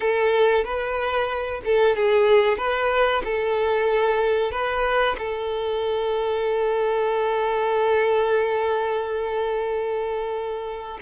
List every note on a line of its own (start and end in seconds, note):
0.00 0.64 A4
0.64 1.61 B4
1.65 1.96 A4
1.96 2.57 G#4
2.57 3.22 B4
3.24 4.51 A4
4.51 5.16 B4
5.18 10.99 A4